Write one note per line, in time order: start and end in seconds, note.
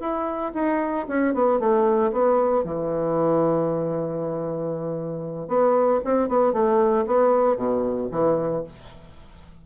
0.00 0.52 E4
0.54 1.06 D#4
1.08 1.34 C#4
1.34 1.60 B3
1.60 2.12 A3
2.12 2.64 B3
2.64 5.48 E3
5.48 6.00 B3
6.05 6.29 C4
6.29 6.53 B3
6.53 7.05 A3
7.06 7.57 B3
7.57 8.09 B2
8.12 8.64 E3